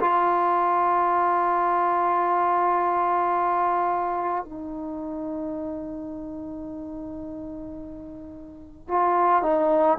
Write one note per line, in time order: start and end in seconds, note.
0.00 4.44 F4
4.44 8.88 D#4
8.88 9.42 F4
9.42 9.98 D#4